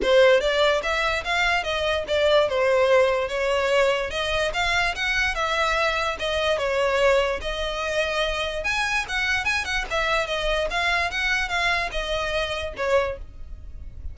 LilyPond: \new Staff \with { instrumentName = "violin" } { \time 4/4 \tempo 4 = 146 c''4 d''4 e''4 f''4 | dis''4 d''4 c''2 | cis''2 dis''4 f''4 | fis''4 e''2 dis''4 |
cis''2 dis''2~ | dis''4 gis''4 fis''4 gis''8 fis''8 | e''4 dis''4 f''4 fis''4 | f''4 dis''2 cis''4 | }